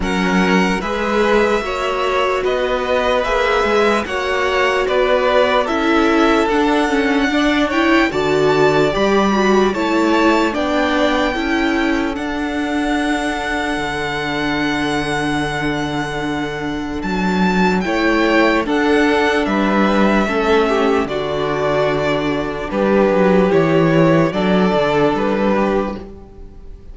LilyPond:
<<
  \new Staff \with { instrumentName = "violin" } { \time 4/4 \tempo 4 = 74 fis''4 e''2 dis''4 | e''4 fis''4 d''4 e''4 | fis''4. g''8 a''4 b''4 | a''4 g''2 fis''4~ |
fis''1~ | fis''4 a''4 g''4 fis''4 | e''2 d''2 | b'4 cis''4 d''4 b'4 | }
  \new Staff \with { instrumentName = "violin" } { \time 4/4 ais'4 b'4 cis''4 b'4~ | b'4 cis''4 b'4 a'4~ | a'4 d''8 cis''8 d''2 | cis''4 d''4 a'2~ |
a'1~ | a'2 cis''4 a'4 | b'4 a'8 g'8 fis'2 | g'2 a'4. g'8 | }
  \new Staff \with { instrumentName = "viola" } { \time 4/4 cis'4 gis'4 fis'2 | gis'4 fis'2 e'4 | d'8 cis'8 d'8 e'8 fis'4 g'8 fis'8 | e'4 d'4 e'4 d'4~ |
d'1~ | d'2 e'4 d'4~ | d'4 cis'4 d'2~ | d'4 e'4 d'2 | }
  \new Staff \with { instrumentName = "cello" } { \time 4/4 fis4 gis4 ais4 b4 | ais8 gis8 ais4 b4 cis'4 | d'2 d4 g4 | a4 b4 cis'4 d'4~ |
d'4 d2.~ | d4 fis4 a4 d'4 | g4 a4 d2 | g8 fis8 e4 fis8 d8 g4 | }
>>